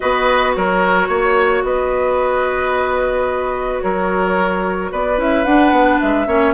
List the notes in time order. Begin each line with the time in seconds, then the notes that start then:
0.00 B3 F#4 B4 D#5
0.55 F#3 A#4 C#5
1.08 A#3 C#5
1.63 B3 B4 D#5
3.80 F#3 A#4 C#5
4.91 B3 B4 D5
5.17 C#4 E4 E5
5.44 D4 F#5
5.71 B3
5.99 G#3 E5
6.26 A#3 C#4 C#5